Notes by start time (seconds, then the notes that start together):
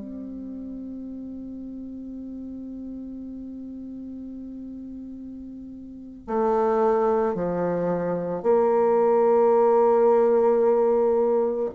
0.00 C4
6.27 A3
7.35 F3
8.43 A#3